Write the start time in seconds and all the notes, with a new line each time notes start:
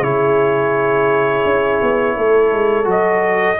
0.00 C#3 E4 G#4 C#5
1.44 C#4
1.82 B3
2.16 A3 A4
2.52 G#3
2.84 F#3 F#4
2.90 D#5